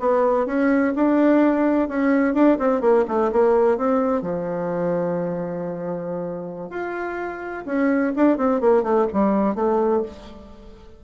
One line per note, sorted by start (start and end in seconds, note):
0.00 0.46 B3
0.46 0.94 C#4
0.96 1.89 D4
1.89 2.35 C#4
2.35 2.58 D4
2.59 2.81 C4
2.81 3.05 A#3
3.08 3.32 A3
3.32 3.78 A#3
3.78 4.22 C4
4.22 6.70 F3
6.70 7.64 F4
7.66 8.13 C#4
8.16 8.38 D4
8.38 8.61 C4
8.61 8.83 A#3
8.83 9.07 A3
9.13 9.55 G3
9.55 10.03 A3